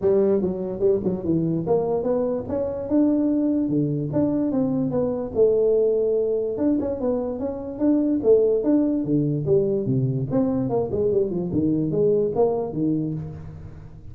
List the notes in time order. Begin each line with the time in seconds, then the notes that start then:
0.01 G3
0.41 F#3
0.79 G3
1.04 F#3
1.24 E3
1.66 A#3
2.03 B3
2.48 C#4
2.88 D4
3.68 D3
4.12 D4
4.51 C4
4.90 B3
5.34 A3
6.57 D4
6.79 C#4
7.00 B3
7.39 C#4
7.79 D4
8.23 A3
8.63 D4
9.04 D3
9.46 G3
9.86 C3
10.30 C4
10.69 A#3
10.91 G#3
11.11 G3
11.30 F3
11.52 D#3
11.91 G#3
12.35 A#3
12.72 D#3